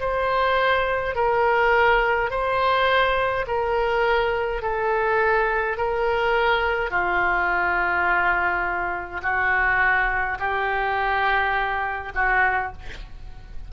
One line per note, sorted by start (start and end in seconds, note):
0.00 1.15 C5
1.15 2.30 A#4
2.30 3.46 C5
3.47 4.62 A#4
4.62 5.77 A4
5.77 6.90 A#4
6.90 9.21 F4
9.23 10.38 F#4
10.40 12.13 G4
12.15 12.72 F#4